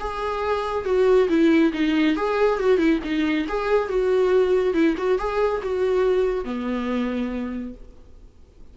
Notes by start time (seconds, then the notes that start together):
0.00 G#4
0.85 F#4
1.29 E4
1.73 D#4
2.16 G#4
2.60 F#4
2.78 E4
3.04 D#4
3.48 G#4
3.89 F#4
4.74 E4
4.97 F#4
5.19 G#4
5.63 F#4
6.45 B3